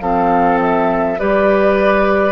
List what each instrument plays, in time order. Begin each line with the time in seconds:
0.00 bassoon F3, clarinet C4, oboe A4, flute F5
0.61 flute E5
1.18 bassoon G3, clarinet G4, oboe B4, flute D5